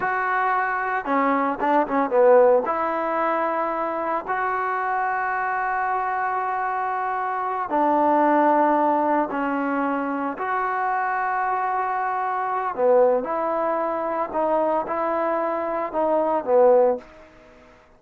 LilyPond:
\new Staff \with { instrumentName = "trombone" } { \time 4/4 \tempo 4 = 113 fis'2 cis'4 d'8 cis'8 | b4 e'2. | fis'1~ | fis'2~ fis'8 d'4.~ |
d'4. cis'2 fis'8~ | fis'1 | b4 e'2 dis'4 | e'2 dis'4 b4 | }